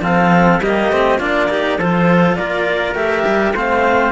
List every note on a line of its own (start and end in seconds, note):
0.00 0.59 F3
0.00 0.61 C4
0.00 0.62 A4
0.00 0.62 F5
0.60 0.89 G3
0.60 0.92 A#3
0.60 1.19 G4
0.60 1.20 D#5
0.89 1.18 A3
0.89 1.20 C4
1.19 1.78 A#3
1.19 1.50 D4
1.19 1.49 F4
1.19 1.79 D5
1.50 1.79 D#4
1.50 1.79 G4
1.78 2.37 F3
1.78 2.95 F4
1.78 2.37 A4
1.78 2.36 C5
2.36 2.94 A#3
2.36 3.54 A#4
2.36 2.95 D5
2.94 3.24 A3
2.94 3.54 G4
2.94 3.55 E5
3.26 3.53 G3
3.53 4.12 A3
3.53 4.12 C4
3.53 4.12 C5
3.53 4.12 F5